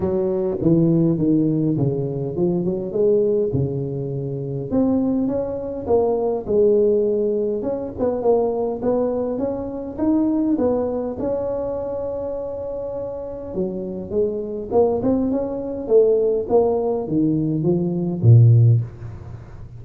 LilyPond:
\new Staff \with { instrumentName = "tuba" } { \time 4/4 \tempo 4 = 102 fis4 e4 dis4 cis4 | f8 fis8 gis4 cis2 | c'4 cis'4 ais4 gis4~ | gis4 cis'8 b8 ais4 b4 |
cis'4 dis'4 b4 cis'4~ | cis'2. fis4 | gis4 ais8 c'8 cis'4 a4 | ais4 dis4 f4 ais,4 | }